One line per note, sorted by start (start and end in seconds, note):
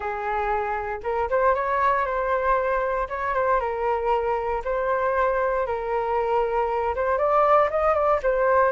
0.00 1.00 G#4
1.03 1.29 A#4
1.29 1.54 C5
1.54 2.05 C#5
2.05 3.08 C5
3.08 3.34 C#5
3.34 3.59 C5
3.59 4.62 A#4
4.64 5.66 C5
5.66 6.94 A#4
6.95 7.18 C5
7.18 7.69 D5
7.70 7.94 D#5
7.94 8.20 D5
8.22 8.72 C5